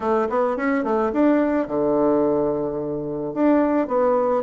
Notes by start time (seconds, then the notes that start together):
0.00 A3
0.29 B3
0.57 C#4
0.83 A3
1.12 D4
1.67 D3
3.33 D4
3.87 B3